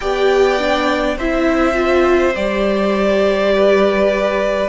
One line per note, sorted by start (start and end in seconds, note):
0.00 1.17 B3
0.00 0.58 G4
0.00 1.17 D5
0.00 1.15 G5
0.58 1.17 D4
1.17 2.35 C4
1.17 1.73 E4
1.17 3.52 C5
1.17 2.35 E5
1.73 2.32 F4
2.35 4.69 G3
2.35 4.69 G4
2.35 4.69 D5
3.54 4.69 B4